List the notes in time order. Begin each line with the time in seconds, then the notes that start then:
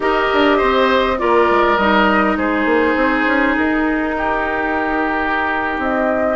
0.00 D#4 G4 A#4 D#5
0.32 D4
0.57 C4 C5
1.18 A#3 F4 A#4 D5
1.50 G#3
1.77 G3 D#4 D#5
2.37 G#3 G#4 C5
2.65 A#3
2.95 C4
3.26 C#4
3.56 D#4 A#4
4.17 G4
5.79 C4 D#5